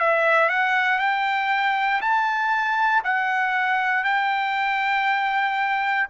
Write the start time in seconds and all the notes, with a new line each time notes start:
0.00 E5
0.49 F#5
0.99 G5
2.02 A5
3.04 F#5
4.04 G5